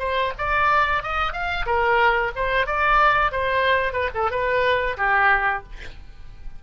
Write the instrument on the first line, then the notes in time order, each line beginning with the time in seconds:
oboe
0.00 C5
0.39 D5
1.03 D#5
1.33 F5
1.66 A#4
2.36 C5
2.67 D5
3.32 C5
3.94 B4
4.15 A4
4.31 B4
4.98 G4